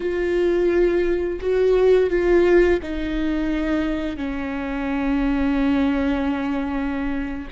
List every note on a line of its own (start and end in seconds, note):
0.00 1.39 F4
1.40 2.09 F#4
2.09 2.79 F4
2.82 4.16 D#4
4.16 7.48 C#4